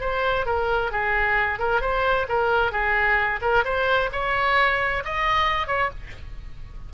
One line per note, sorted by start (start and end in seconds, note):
0.00 0.45 C5
0.45 0.91 A#4
0.91 1.59 G#4
1.59 1.81 A#4
1.81 2.26 C5
2.28 2.71 A#4
2.71 3.39 G#4
3.41 3.64 A#4
3.64 4.10 C5
4.12 5.03 C#5
5.04 5.67 D#5
5.67 5.89 C#5